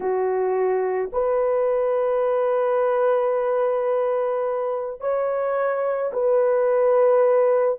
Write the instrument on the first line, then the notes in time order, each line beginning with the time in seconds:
horn
0.00 F#4
1.12 B4
5.00 C#5
6.12 B4